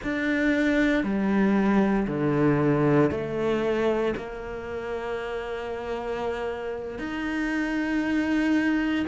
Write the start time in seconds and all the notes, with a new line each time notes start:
0.03 D4
1.03 G3
2.07 D3
3.10 A3
4.16 A#3
6.98 D#4